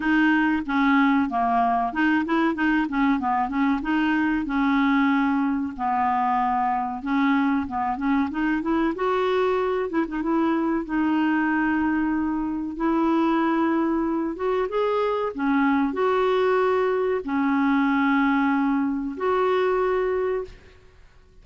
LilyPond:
\new Staff \with { instrumentName = "clarinet" } { \time 4/4 \tempo 4 = 94 dis'4 cis'4 ais4 dis'8 e'8 | dis'8 cis'8 b8 cis'8 dis'4 cis'4~ | cis'4 b2 cis'4 | b8 cis'8 dis'8 e'8 fis'4. e'16 dis'16 |
e'4 dis'2. | e'2~ e'8 fis'8 gis'4 | cis'4 fis'2 cis'4~ | cis'2 fis'2 | }